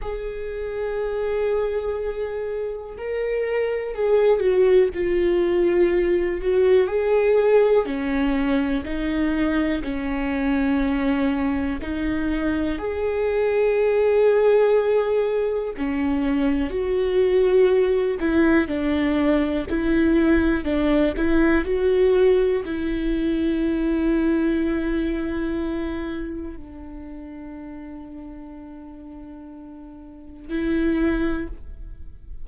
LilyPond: \new Staff \with { instrumentName = "viola" } { \time 4/4 \tempo 4 = 61 gis'2. ais'4 | gis'8 fis'8 f'4. fis'8 gis'4 | cis'4 dis'4 cis'2 | dis'4 gis'2. |
cis'4 fis'4. e'8 d'4 | e'4 d'8 e'8 fis'4 e'4~ | e'2. d'4~ | d'2. e'4 | }